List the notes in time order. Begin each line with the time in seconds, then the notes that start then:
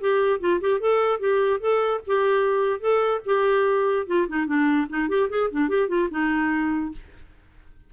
0.00 G4
0.40 F4
0.60 G4
0.80 A4
1.19 G4
1.60 A4
2.06 G4
2.80 A4
3.25 G4
4.06 F4
4.28 D#4
4.46 D4
4.89 D#4
5.09 G4
5.29 G#4
5.50 D4
5.68 G4
5.88 F4
6.10 D#4